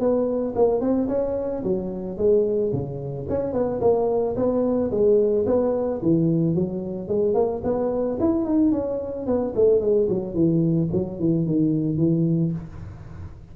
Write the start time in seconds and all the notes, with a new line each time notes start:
0.00 B3
0.56 A#3
0.81 C4
1.09 C#4
1.64 F#3
2.17 G#3
2.73 C#3
3.29 C#4
3.53 B3
3.81 A#3
4.36 B3
4.91 G#3
5.46 B3
6.02 E3
6.55 F#3
7.08 G#3
7.35 A#3
7.64 B3
8.20 E4
8.45 D#4
8.72 C#4
9.27 B3
9.56 A3
9.81 G#3
10.09 F#3
10.34 E3
10.93 F#3
11.19 E3
11.46 D#3
11.98 E3